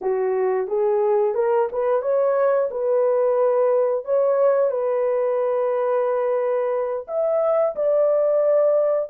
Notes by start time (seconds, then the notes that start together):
0.01 F#4
0.67 G#4
1.34 A#4
1.72 B4
2.01 C#5
2.71 B4
4.04 C#5
4.70 B4
7.07 E5
7.75 D5